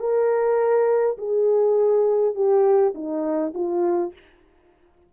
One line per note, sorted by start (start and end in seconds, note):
0.00 1.18 A#4
1.18 2.36 G#4
2.36 2.94 G4
2.95 3.53 D#4
3.55 4.13 F4